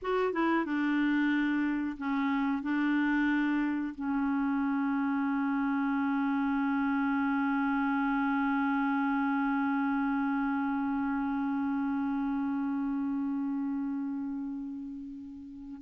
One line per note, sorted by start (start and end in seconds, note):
0.02 0.32 F#4
0.32 0.65 E4
0.65 1.97 D4
1.98 2.62 C#4
2.62 3.94 D4
3.94 15.81 C#4